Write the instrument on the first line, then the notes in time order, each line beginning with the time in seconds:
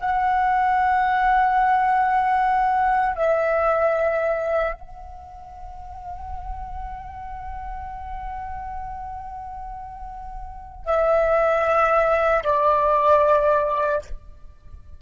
flute
0.00 F#5
3.15 E5
4.73 F#5
10.85 E5
12.43 D5